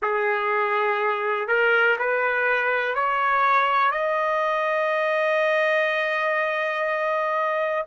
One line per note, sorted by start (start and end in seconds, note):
0.01 1.48 G#4
1.48 1.97 A#4
1.98 2.94 B4
2.94 3.91 C#5
3.91 7.84 D#5